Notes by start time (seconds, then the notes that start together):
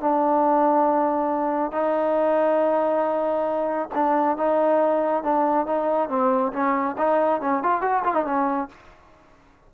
0.00 D4
1.72 D#4
3.94 D4
4.37 D#4
5.23 D4
5.66 D#4
6.09 C4
6.52 C#4
6.98 D#4
7.41 C#4
7.63 F4
7.81 F#4
8.04 F4
8.14 D#4
8.25 C#4